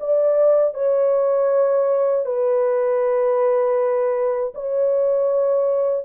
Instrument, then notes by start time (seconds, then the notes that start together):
horn
0.00 D5
0.74 C#5
2.26 B4
4.55 C#5